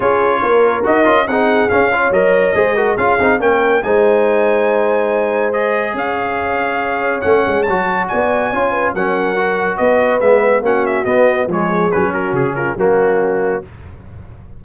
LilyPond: <<
  \new Staff \with { instrumentName = "trumpet" } { \time 4/4 \tempo 4 = 141 cis''2 dis''4 fis''4 | f''4 dis''2 f''4 | g''4 gis''2.~ | gis''4 dis''4 f''2~ |
f''4 fis''4 a''4 gis''4~ | gis''4 fis''2 dis''4 | e''4 fis''8 e''8 dis''4 cis''4 | b'8 ais'8 gis'8 ais'8 fis'2 | }
  \new Staff \with { instrumentName = "horn" } { \time 4/4 gis'4 ais'2 gis'4~ | gis'8 cis''4. c''8 ais'8 gis'4 | ais'4 c''2.~ | c''2 cis''2~ |
cis''2. d''4 | cis''8 b'8 ais'2 b'4~ | b'4 fis'2 gis'4~ | gis'8 fis'4 f'8 cis'2 | }
  \new Staff \with { instrumentName = "trombone" } { \time 4/4 f'2 fis'8 f'8 dis'4 | cis'8 f'8 ais'4 gis'8 fis'8 f'8 dis'8 | cis'4 dis'2.~ | dis'4 gis'2.~ |
gis'4 cis'4 fis'2 | f'4 cis'4 fis'2 | b4 cis'4 b4 gis4 | cis'2 ais2 | }
  \new Staff \with { instrumentName = "tuba" } { \time 4/4 cis'4 ais4 dis'8 cis'8 c'4 | cis'4 fis4 gis4 cis'8 c'8 | ais4 gis2.~ | gis2 cis'2~ |
cis'4 a8 gis8 fis4 b4 | cis'4 fis2 b4 | gis4 ais4 b4 f4 | fis4 cis4 fis2 | }
>>